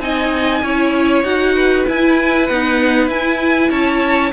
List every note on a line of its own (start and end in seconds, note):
0.00 0.62 C4
0.00 0.63 D#4
0.00 0.63 D#5
0.00 1.23 G#5
0.63 1.24 C#4
0.63 1.25 E4
0.63 1.55 C#5
1.23 1.86 D#4
1.23 1.87 F#4
1.23 1.85 F#5
1.55 3.70 B4
1.87 2.49 E4
1.87 2.51 E4
1.87 2.47 G#5
2.47 3.10 B3
2.47 3.08 D#4
2.47 3.08 F#5
3.08 3.70 E4
3.08 4.34 E4
3.08 3.71 G#5
3.70 4.33 C#4
3.70 4.32 C#5
3.70 4.33 A5